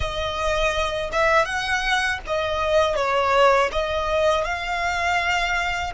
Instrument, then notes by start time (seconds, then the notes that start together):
violin
0.00 D#5
1.12 E5
1.45 F#5
2.26 D#5
2.95 C#5
3.72 D#5
4.44 F5